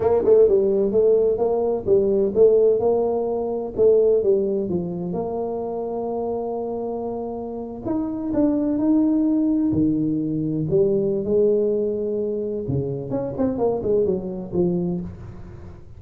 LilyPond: \new Staff \with { instrumentName = "tuba" } { \time 4/4 \tempo 4 = 128 ais8 a8 g4 a4 ais4 | g4 a4 ais2 | a4 g4 f4 ais4~ | ais1~ |
ais8. dis'4 d'4 dis'4~ dis'16~ | dis'8. dis2 g4~ g16 | gis2. cis4 | cis'8 c'8 ais8 gis8 fis4 f4 | }